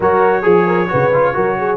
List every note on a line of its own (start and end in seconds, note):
0.00 0.44 F#3
0.00 0.42 F#4
0.00 0.42 A#4
0.00 1.77 C#5
0.42 0.89 F3
0.42 0.64 G#4
0.42 0.87 G#4
0.66 0.89 A#4
0.88 1.36 C#3
0.88 1.10 F#4
0.88 1.34 B4
1.13 1.33 F4
1.33 1.77 F#3
1.33 1.77 F#4
1.33 1.57 A#4
1.58 1.77 G#4